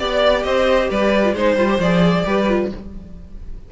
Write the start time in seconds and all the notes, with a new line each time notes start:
0.00 B3 G4 D5
0.44 C4 C5 D#5
0.91 G3 B4 D5
1.24 F4
1.34 G#3 D#4 C5
1.56 G3 F4
1.69 G4
1.80 F3 G#4 D5
2.26 G3 G4 B4
2.49 F4